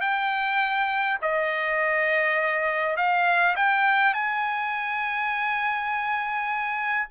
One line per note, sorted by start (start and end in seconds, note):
0.00 1.18 G5
1.21 2.96 D#5
2.96 3.55 F5
3.56 4.13 G5
4.13 7.07 G#5